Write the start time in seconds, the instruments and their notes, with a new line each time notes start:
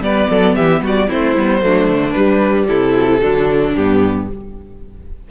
0.00 cello G3, viola B3, violin B4 D5
0.29 cello F#3, violin A4
0.55 cello E3, violin G4 E5
0.81 cello G3, violin F#4 D5
1.08 cello A3, viola C4, violin E4 C5
1.36 cello G3, viola B3
1.61 cello F#3, viola A3, violin D4
1.87 cello D3
2.11 viola G3, cello G3, violin B4
2.67 cello C3, violin E4 A4
2.95 viola F#3
3.06 viola E3
3.20 cello D3, viola F#3, violin D4
3.74 cello G2, viola B3, violin G4